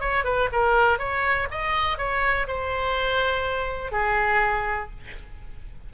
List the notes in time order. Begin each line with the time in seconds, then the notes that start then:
0.00 C#5
0.24 B4
0.52 A#4
0.98 C#5
1.51 D#5
1.98 C#5
2.47 C5
3.91 G#4